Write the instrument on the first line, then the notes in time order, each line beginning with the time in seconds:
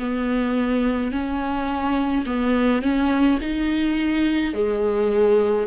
viola
0.00 B3
1.12 C#4
2.26 B3
2.83 C#4
3.42 D#4
4.54 G#3